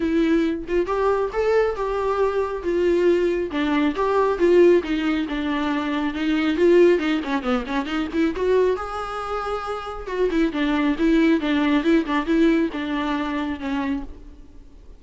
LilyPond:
\new Staff \with { instrumentName = "viola" } { \time 4/4 \tempo 4 = 137 e'4. f'8 g'4 a'4 | g'2 f'2 | d'4 g'4 f'4 dis'4 | d'2 dis'4 f'4 |
dis'8 cis'8 b8 cis'8 dis'8 e'8 fis'4 | gis'2. fis'8 e'8 | d'4 e'4 d'4 e'8 d'8 | e'4 d'2 cis'4 | }